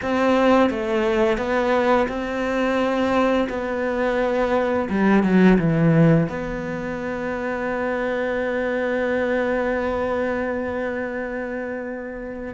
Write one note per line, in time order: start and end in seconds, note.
0.02 0.69 C4
0.69 1.37 A3
1.37 2.07 B3
2.08 3.48 C4
3.49 4.88 B3
4.89 5.23 G3
5.23 5.58 F#3
5.58 6.28 E3
6.29 12.54 B3